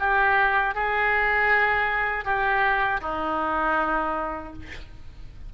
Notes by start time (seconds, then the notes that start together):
0.00 G4
0.75 G#4
2.25 G4
3.02 D#4